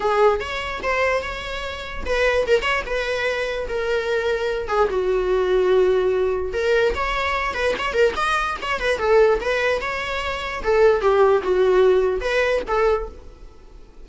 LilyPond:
\new Staff \with { instrumentName = "viola" } { \time 4/4 \tempo 4 = 147 gis'4 cis''4 c''4 cis''4~ | cis''4 b'4 ais'8 cis''8 b'4~ | b'4 ais'2~ ais'8 gis'8 | fis'1 |
ais'4 cis''4. b'8 cis''8 ais'8 | dis''4 cis''8 b'8 a'4 b'4 | cis''2 a'4 g'4 | fis'2 b'4 a'4 | }